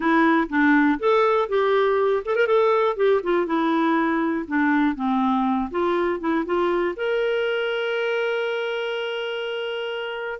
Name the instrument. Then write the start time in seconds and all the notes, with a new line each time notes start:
clarinet
0.00 E4
0.49 D4
0.99 A4
1.49 G4
2.25 A4
2.35 A#4
2.47 A4
2.96 G4
3.23 F4
3.46 E4
4.47 D4
4.95 C4
5.70 F4
6.20 E4
6.45 F4
6.96 A#4